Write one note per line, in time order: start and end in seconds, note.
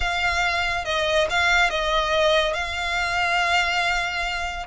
0.00 0.85 F5
0.85 1.27 D#5
1.30 1.70 F5
1.70 2.53 D#5
2.53 4.66 F5